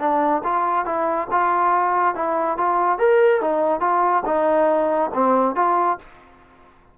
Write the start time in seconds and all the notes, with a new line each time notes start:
0.00 D4
0.44 F4
0.86 E4
1.31 F4
2.15 E4
2.58 F4
2.99 A#4
3.41 D#4
3.81 F4
4.26 D#4
5.14 C4
5.56 F4